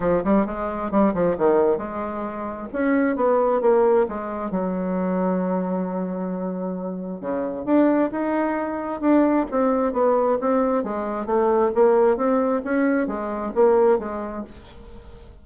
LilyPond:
\new Staff \with { instrumentName = "bassoon" } { \time 4/4 \tempo 4 = 133 f8 g8 gis4 g8 f8 dis4 | gis2 cis'4 b4 | ais4 gis4 fis2~ | fis1 |
cis4 d'4 dis'2 | d'4 c'4 b4 c'4 | gis4 a4 ais4 c'4 | cis'4 gis4 ais4 gis4 | }